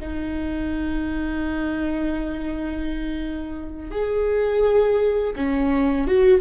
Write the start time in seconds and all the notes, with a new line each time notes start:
0.00 D#4
3.91 G#4
5.36 C#4
6.07 F#4